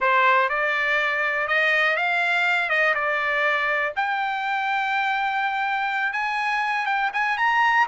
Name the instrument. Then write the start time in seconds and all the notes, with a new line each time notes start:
trumpet
0.00 C5
0.49 D5
1.47 D#5
1.96 F5
2.69 D#5
2.94 D5
3.96 G5
6.12 G#5
6.86 G5
7.13 G#5
7.37 A#5